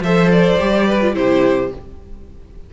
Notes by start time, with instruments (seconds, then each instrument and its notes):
0.00 cello F3, viola A4, violin C5 E5
0.31 violin D5
0.59 cello G3, viola G4
0.87 violin B4
1.01 viola F4
1.14 cello C3, viola E4, violin G4 C5